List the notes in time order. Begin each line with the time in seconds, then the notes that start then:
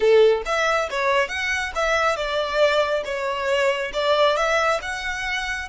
0.00 A4
0.45 E5
0.90 C#5
1.28 F#5
1.75 E5
2.16 D5
3.04 C#5
3.93 D5
4.36 E5
4.82 F#5